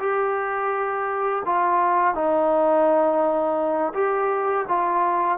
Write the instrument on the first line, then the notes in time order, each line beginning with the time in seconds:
trombone
0.00 G4
1.46 F4
2.15 D#4
3.94 G4
4.69 F4